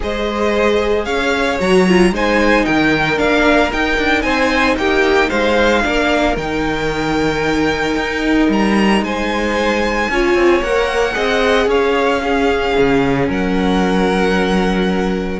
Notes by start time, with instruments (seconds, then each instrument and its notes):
0.00 cello G#3, viola G#4, violin C5 D#5
1.04 cello C#4, violin C#5 F5
1.59 cello F#3, viola F#4, violin A#5
1.88 viola F4
2.11 cello G#3, viola D#4, violin C5 G#5
2.65 cello D#3, violin A#4 G5
3.17 cello A#3, viola D4, violin F5
3.72 viola D#4, cello D#4, violin G5
3.98 cello D4
4.22 cello C4, violin C5 G#5
4.76 cello A#3, violin G4 G5
5.28 cello G#3, violin C5 F5
5.82 cello A#3, viola D4, violin A#4
6.36 cello D#3, viola D#4, violin G5
7.96 cello D#4
8.49 cello G3, violin A#5
9.01 cello G#3, violin C5 G#5
10.09 cello C#4, viola F4, violin C#5
10.34 cello C4
10.62 cello A#3, viola A#4, violin F#5
11.13 cello C4, viola G#4, violin D#5
11.66 cello C#4, violin C#5 F5
12.22 viola C#4, violin G#4
12.77 cello C#3
13.28 cello F#3, violin A#4 F#5